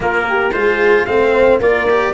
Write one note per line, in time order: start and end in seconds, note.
0.00 0.50 A#3
0.00 0.52 A#3
0.00 0.26 F4
0.00 0.52 A#4
0.28 0.54 G4
0.52 1.06 G#3
0.52 1.07 F4
0.52 1.08 G#4
0.52 1.05 C5
1.05 1.59 A3
1.05 1.60 C4
1.05 1.61 C5
1.05 1.59 F5
1.59 2.12 A#3
1.59 1.88 F4
1.59 2.13 A#4
1.59 2.13 D5
1.90 2.13 G4